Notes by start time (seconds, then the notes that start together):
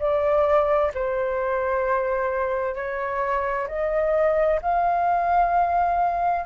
0.00 D5
0.95 C5
2.76 C#5
3.68 D#5
4.62 F5